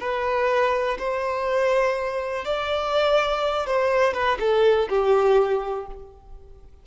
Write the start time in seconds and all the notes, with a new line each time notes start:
0.00 B4
0.98 C5
2.45 D5
3.66 C5
4.14 B4
4.39 A4
4.89 G4